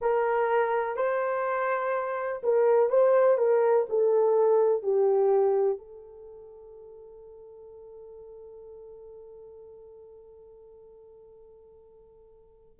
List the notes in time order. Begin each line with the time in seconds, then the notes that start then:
0.00 A#4
0.96 C5
2.43 A#4
2.89 C5
3.37 A#4
3.89 A4
4.83 G4
5.78 A4